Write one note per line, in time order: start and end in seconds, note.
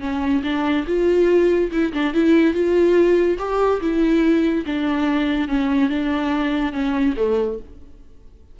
0.00 0.42 C#4
0.43 0.85 D4
0.87 1.71 F4
1.71 1.92 E4
1.93 2.13 D4
2.13 2.53 E4
2.53 3.37 F4
3.38 3.80 G4
3.80 4.64 E4
4.66 5.48 D4
5.48 5.89 C#4
5.89 6.72 D4
6.72 7.14 C#4
7.17 7.58 A3